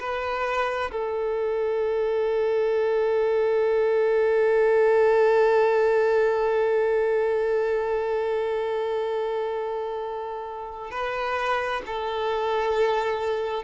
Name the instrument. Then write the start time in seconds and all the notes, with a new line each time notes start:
violin
0.00 B4
0.91 A4
10.91 B4
11.86 A4